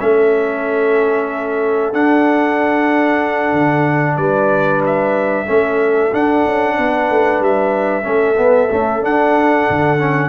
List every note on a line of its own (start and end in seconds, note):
0.00 1.93 A3
0.00 1.94 C#4
0.00 4.17 A4
0.00 1.94 E5
1.93 3.53 D4
1.93 5.47 D4
1.93 4.17 F#5
3.53 4.17 D3
4.17 5.46 G3
4.17 5.46 B4
4.17 4.82 D5
4.86 6.14 E5
5.47 6.13 A3
5.47 6.11 C#4
5.47 6.76 A4
6.12 8.03 D4
6.12 6.46 D4
6.12 7.43 F#5
6.46 6.78 C#4
6.78 7.10 B3
6.78 8.05 B4
7.10 7.40 A3
7.40 8.05 G3
7.40 9.05 E5
8.03 8.38 A3
8.03 8.35 C#4
8.03 10.29 A4
8.37 8.69 B3
8.37 8.71 B3
8.71 9.02 A3
8.71 9.04 C#4
9.02 9.99 D4
9.02 9.68 D4
9.02 10.29 F#5
9.70 10.29 D3
9.99 10.29 C#4